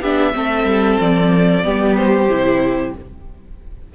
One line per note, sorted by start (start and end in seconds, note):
0.00 0.34 B3
0.00 0.33 D4
0.00 0.33 G4
0.00 1.00 E5
0.33 0.64 A3
0.33 1.63 C4
0.33 1.64 A4
0.64 0.97 G3
1.00 1.64 F3
1.00 1.96 D5
1.63 2.29 G3
1.63 2.28 B3
1.63 2.94 G4
1.96 2.94 C5
2.29 2.94 C3
2.29 2.95 E4